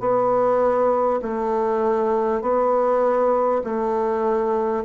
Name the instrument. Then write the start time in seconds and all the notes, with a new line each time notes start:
bassoon
0.00 B3
1.23 A3
2.42 B3
3.64 A3